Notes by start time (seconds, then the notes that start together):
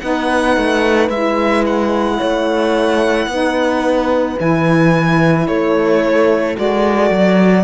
0.00 B3 D#4 B4 F#5
0.57 A3
1.09 G#3 E4 E5
1.66 F#5
2.17 A3 C#5
3.27 B3 D#4 B4
4.38 E3 E4 G#5
5.47 A3 A4 C#5
6.56 G#3 F#4 D5
7.11 F#3